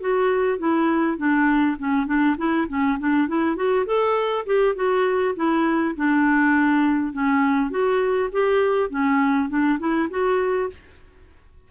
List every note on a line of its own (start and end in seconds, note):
0.00 0.58 F#4
0.58 1.17 E4
1.17 1.77 D4
1.78 2.06 C#4
2.06 2.36 D4
2.37 2.67 E4
2.68 2.98 C#4
2.99 3.28 D4
3.28 3.56 E4
3.56 3.85 F#4
3.86 4.45 A4
4.46 4.75 G4
4.75 5.34 F#4
5.35 5.95 E4
5.96 7.12 D4
7.12 7.70 C#4
7.70 8.29 F#4
8.32 8.89 G4
8.89 9.49 C#4
9.49 9.78 D4
9.79 10.09 E4
10.10 10.69 F#4